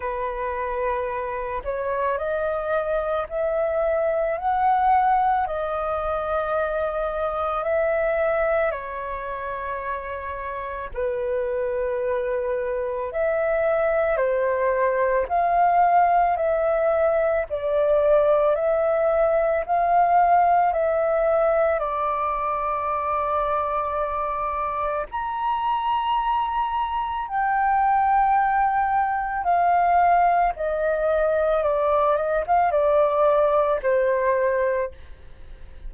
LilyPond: \new Staff \with { instrumentName = "flute" } { \time 4/4 \tempo 4 = 55 b'4. cis''8 dis''4 e''4 | fis''4 dis''2 e''4 | cis''2 b'2 | e''4 c''4 f''4 e''4 |
d''4 e''4 f''4 e''4 | d''2. ais''4~ | ais''4 g''2 f''4 | dis''4 d''8 dis''16 f''16 d''4 c''4 | }